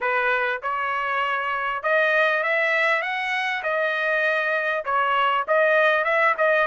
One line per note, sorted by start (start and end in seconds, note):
0.01 0.61 B4
0.62 1.82 C#5
1.82 2.43 D#5
2.43 3.02 E5
3.02 3.62 F#5
3.63 4.84 D#5
4.84 5.45 C#5
5.47 6.04 D#5
6.04 6.34 E5
6.37 6.67 D#5